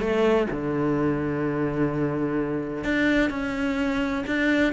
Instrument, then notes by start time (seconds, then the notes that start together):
cello
0.00 A3
0.51 D3
2.84 D4
3.30 C#4
4.27 D4